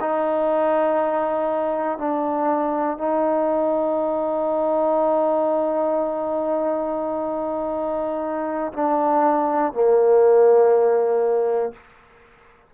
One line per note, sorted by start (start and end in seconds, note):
0.00 1.98 D#4
1.98 2.98 D4
2.98 8.73 D#4
8.73 9.73 D4
9.73 11.73 A#3